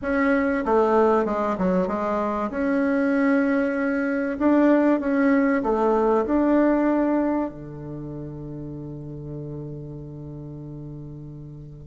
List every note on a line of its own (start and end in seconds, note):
0.02 0.64 C#4
0.65 1.25 A3
1.25 1.56 G#3
1.58 1.87 F#3
1.87 2.50 G#3
2.50 4.38 C#4
4.39 4.99 D4
4.99 5.62 C#4
5.62 6.25 A3
6.25 7.49 D4
7.49 11.87 D3